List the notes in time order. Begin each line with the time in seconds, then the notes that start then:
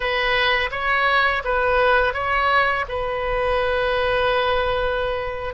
0.00 B4
0.71 C#5
1.44 B4
2.13 C#5
2.88 B4